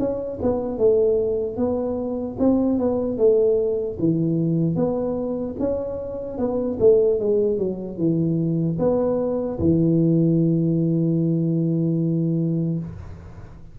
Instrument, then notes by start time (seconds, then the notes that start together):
tuba
0.00 C#4
0.43 B3
0.79 A3
1.57 B3
2.40 C4
2.79 B3
3.18 A3
4.00 E3
4.76 B3
5.60 C#4
6.39 B3
6.80 A3
7.20 G#3
7.59 F#3
7.98 E3
8.79 B3
9.60 E3